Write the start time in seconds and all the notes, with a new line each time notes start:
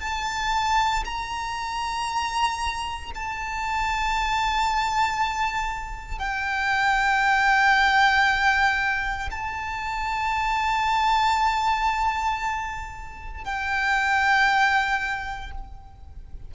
0.00 A5
1.04 A#5
3.15 A5
6.19 G5
9.31 A5
13.44 G5